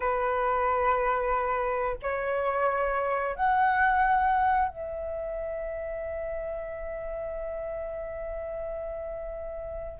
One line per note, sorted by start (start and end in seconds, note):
0.00 1.97 B4
2.02 3.35 C#5
3.35 4.68 F#5
4.68 10.00 E5